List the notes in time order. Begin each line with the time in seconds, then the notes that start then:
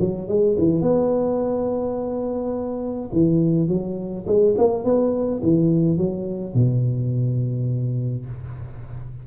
0.00 F#3
0.28 G#3
0.58 E3
0.82 B3
3.12 E3
3.68 F#3
4.26 G#3
4.58 A#3
4.84 B3
5.43 E3
5.98 F#3
6.54 B2